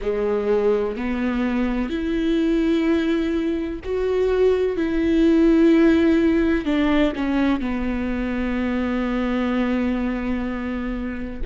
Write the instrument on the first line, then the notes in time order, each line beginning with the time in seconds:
viola
0.01 G#3
0.96 B3
1.89 E4
3.84 F#4
4.76 E4
6.65 D4
7.15 C#4
7.60 B3